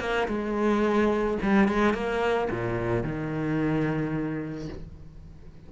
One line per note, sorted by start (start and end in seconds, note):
0.00 0.28 A#3
0.28 1.38 G#3
1.43 1.68 G3
1.68 1.94 G#3
1.94 2.49 A#3
2.51 3.04 A#2
3.04 4.69 D#3